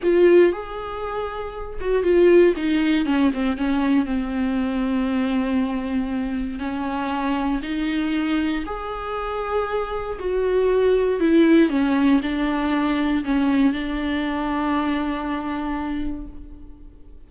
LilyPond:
\new Staff \with { instrumentName = "viola" } { \time 4/4 \tempo 4 = 118 f'4 gis'2~ gis'8 fis'8 | f'4 dis'4 cis'8 c'8 cis'4 | c'1~ | c'4 cis'2 dis'4~ |
dis'4 gis'2. | fis'2 e'4 cis'4 | d'2 cis'4 d'4~ | d'1 | }